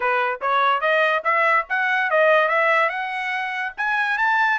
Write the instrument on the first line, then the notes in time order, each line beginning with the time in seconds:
trumpet
0.00 B4
0.41 C#5
0.80 D#5
1.24 E5
1.69 F#5
2.10 D#5
2.48 E5
2.89 F#5
3.77 G#5
4.18 A5